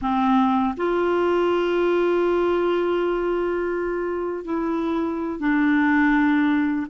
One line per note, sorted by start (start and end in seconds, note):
0.01 0.75 C4
0.76 4.44 F4
4.44 5.39 E4
5.39 6.87 D4